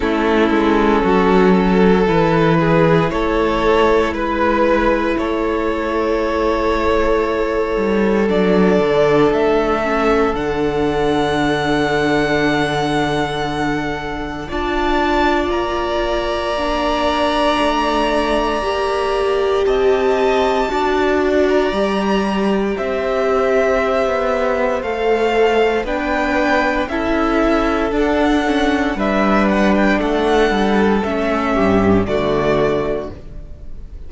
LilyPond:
<<
  \new Staff \with { instrumentName = "violin" } { \time 4/4 \tempo 4 = 58 a'2 b'4 cis''4 | b'4 cis''2. | d''4 e''4 fis''2~ | fis''2 a''4 ais''4~ |
ais''2. a''4~ | a''8. ais''4~ ais''16 e''2 | f''4 g''4 e''4 fis''4 | e''8 fis''16 g''16 fis''4 e''4 d''4 | }
  \new Staff \with { instrumentName = "violin" } { \time 4/4 e'4 fis'8 a'4 gis'8 a'4 | b'4 a'2.~ | a'1~ | a'2 d''2~ |
d''2. dis''4 | d''2 c''2~ | c''4 b'4 a'2 | b'4 a'4. g'8 fis'4 | }
  \new Staff \with { instrumentName = "viola" } { \time 4/4 cis'2 e'2~ | e'1 | d'4. cis'8 d'2~ | d'2 f'2 |
d'2 g'2 | fis'4 g'2. | a'4 d'4 e'4 d'8 cis'8 | d'2 cis'4 a4 | }
  \new Staff \with { instrumentName = "cello" } { \time 4/4 a8 gis8 fis4 e4 a4 | gis4 a2~ a8 g8 | fis8 d8 a4 d2~ | d2 d'4 ais4~ |
ais4 a4 ais4 c'4 | d'4 g4 c'4~ c'16 b8. | a4 b4 cis'4 d'4 | g4 a8 g8 a8 g,8 d4 | }
>>